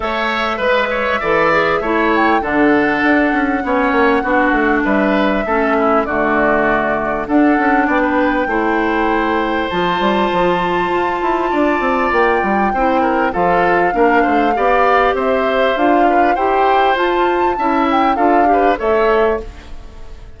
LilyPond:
<<
  \new Staff \with { instrumentName = "flute" } { \time 4/4 \tempo 4 = 99 e''2.~ e''8 g''8 | fis''1 | e''2 d''2 | fis''4 g''2. |
a''1 | g''2 f''2~ | f''4 e''4 f''4 g''4 | a''4. g''8 f''4 e''4 | }
  \new Staff \with { instrumentName = "oboe" } { \time 4/4 cis''4 b'8 cis''8 d''4 cis''4 | a'2 cis''4 fis'4 | b'4 a'8 e'8 fis'2 | a'4 d''16 b'8. c''2~ |
c''2. d''4~ | d''4 c''8 ais'8 a'4 ais'8 c''8 | d''4 c''4. b'8 c''4~ | c''4 e''4 a'8 b'8 cis''4 | }
  \new Staff \with { instrumentName = "clarinet" } { \time 4/4 a'4 b'4 a'8 gis'8 e'4 | d'2 cis'4 d'4~ | d'4 cis'4 a2 | d'2 e'2 |
f'1~ | f'4 e'4 f'4 d'4 | g'2 f'4 g'4 | f'4 e'4 f'8 g'8 a'4 | }
  \new Staff \with { instrumentName = "bassoon" } { \time 4/4 a4 gis4 e4 a4 | d4 d'8 cis'8 b8 ais8 b8 a8 | g4 a4 d2 | d'8 cis'8 b4 a2 |
f8 g8 f4 f'8 e'8 d'8 c'8 | ais8 g8 c'4 f4 ais8 a8 | b4 c'4 d'4 e'4 | f'4 cis'4 d'4 a4 | }
>>